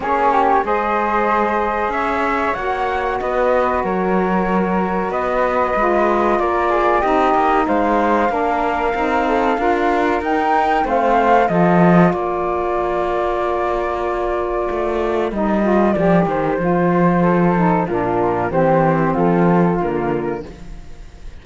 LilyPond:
<<
  \new Staff \with { instrumentName = "flute" } { \time 4/4 \tempo 4 = 94 cis''4 dis''2 e''4 | fis''4 dis''4 cis''2 | dis''2 d''4 dis''4 | f''1 |
g''4 f''4 dis''4 d''4~ | d''1 | dis''4 d''8 c''2~ c''8 | ais'4 c''4 a'4 ais'4 | }
  \new Staff \with { instrumentName = "flute" } { \time 4/4 gis'8 g'8 c''2 cis''4~ | cis''4 b'4 ais'2 | b'2 ais'8 gis'8 g'4 | c''4 ais'4. a'8 ais'4~ |
ais'4 c''4 a'4 ais'4~ | ais'1~ | ais'2. a'4 | f'4 g'4 f'2 | }
  \new Staff \with { instrumentName = "saxophone" } { \time 4/4 cis'4 gis'2. | fis'1~ | fis'4 f'2 dis'4~ | dis'4 d'4 dis'4 f'4 |
dis'4 c'4 f'2~ | f'1 | dis'8 f'8 g'4 f'4. dis'8 | d'4 c'2 ais4 | }
  \new Staff \with { instrumentName = "cello" } { \time 4/4 ais4 gis2 cis'4 | ais4 b4 fis2 | b4 gis4 ais4 c'8 ais8 | gis4 ais4 c'4 d'4 |
dis'4 a4 f4 ais4~ | ais2. a4 | g4 f8 dis8 f2 | ais,4 e4 f4 d4 | }
>>